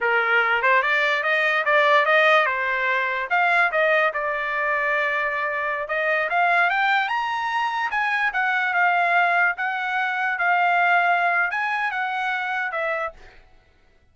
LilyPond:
\new Staff \with { instrumentName = "trumpet" } { \time 4/4 \tempo 4 = 146 ais'4. c''8 d''4 dis''4 | d''4 dis''4 c''2 | f''4 dis''4 d''2~ | d''2~ d''16 dis''4 f''8.~ |
f''16 g''4 ais''2 gis''8.~ | gis''16 fis''4 f''2 fis''8.~ | fis''4~ fis''16 f''2~ f''8. | gis''4 fis''2 e''4 | }